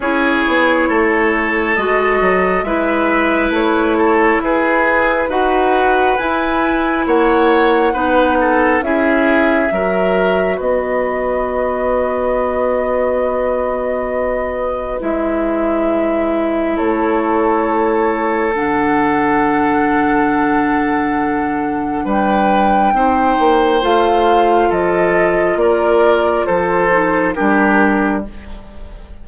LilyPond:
<<
  \new Staff \with { instrumentName = "flute" } { \time 4/4 \tempo 4 = 68 cis''2 dis''4 e''4 | cis''4 b'4 fis''4 gis''4 | fis''2 e''2 | dis''1~ |
dis''4 e''2 cis''4~ | cis''4 fis''2.~ | fis''4 g''2 f''4 | dis''4 d''4 c''4 ais'4 | }
  \new Staff \with { instrumentName = "oboe" } { \time 4/4 gis'4 a'2 b'4~ | b'8 a'8 gis'4 b'2 | cis''4 b'8 a'8 gis'4 ais'4 | b'1~ |
b'2. a'4~ | a'1~ | a'4 b'4 c''2 | a'4 ais'4 a'4 g'4 | }
  \new Staff \with { instrumentName = "clarinet" } { \time 4/4 e'2 fis'4 e'4~ | e'2 fis'4 e'4~ | e'4 dis'4 e'4 fis'4~ | fis'1~ |
fis'4 e'2.~ | e'4 d'2.~ | d'2 dis'4 f'4~ | f'2~ f'8 dis'8 d'4 | }
  \new Staff \with { instrumentName = "bassoon" } { \time 4/4 cis'8 b8 a4 gis8 fis8 gis4 | a4 e'4 dis'4 e'4 | ais4 b4 cis'4 fis4 | b1~ |
b4 gis2 a4~ | a4 d2.~ | d4 g4 c'8 ais8 a4 | f4 ais4 f4 g4 | }
>>